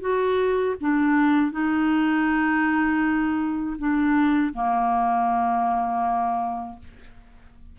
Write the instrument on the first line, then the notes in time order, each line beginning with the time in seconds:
clarinet
0.00 F#4
0.80 D4
1.51 D#4
3.78 D4
4.53 A#3